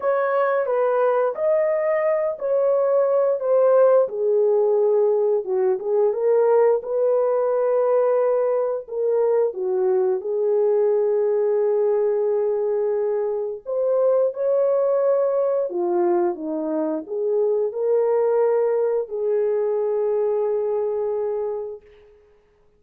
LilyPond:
\new Staff \with { instrumentName = "horn" } { \time 4/4 \tempo 4 = 88 cis''4 b'4 dis''4. cis''8~ | cis''4 c''4 gis'2 | fis'8 gis'8 ais'4 b'2~ | b'4 ais'4 fis'4 gis'4~ |
gis'1 | c''4 cis''2 f'4 | dis'4 gis'4 ais'2 | gis'1 | }